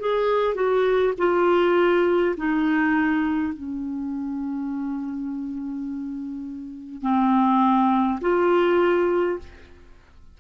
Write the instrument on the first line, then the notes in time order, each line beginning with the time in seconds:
clarinet
0.00 G#4
0.55 F#4
1.18 F4
2.37 D#4
3.54 C#4
7.02 C4
8.21 F4